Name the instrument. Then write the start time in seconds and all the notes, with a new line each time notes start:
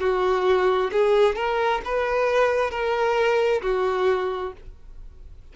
violin
0.00 F#4
0.92 G#4
1.36 A#4
1.85 B4
2.71 A#4
3.62 F#4